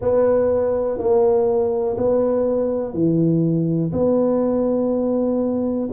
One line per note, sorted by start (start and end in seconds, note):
0.00 0.97 B3
0.97 1.96 A#3
1.97 2.93 B3
2.93 3.92 E3
3.92 5.89 B3